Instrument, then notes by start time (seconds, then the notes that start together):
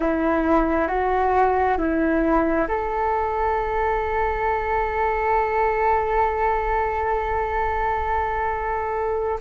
flute
0.00 E4
0.87 F#4
1.77 E4
2.68 A4